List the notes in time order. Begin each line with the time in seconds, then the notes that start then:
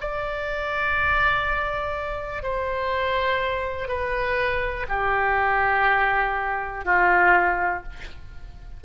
0.00 D5
2.43 C5
3.88 B4
4.88 G4
6.85 F4